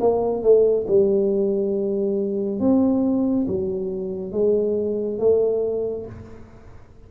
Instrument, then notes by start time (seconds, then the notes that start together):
tuba
0.00 A#3
0.43 A3
0.87 G3
2.60 C4
3.47 F#3
4.32 G#3
5.19 A3